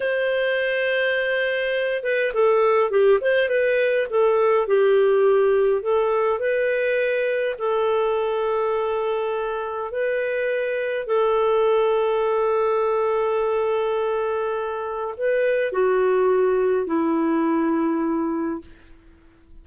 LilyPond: \new Staff \with { instrumentName = "clarinet" } { \time 4/4 \tempo 4 = 103 c''2.~ c''8 b'8 | a'4 g'8 c''8 b'4 a'4 | g'2 a'4 b'4~ | b'4 a'2.~ |
a'4 b'2 a'4~ | a'1~ | a'2 b'4 fis'4~ | fis'4 e'2. | }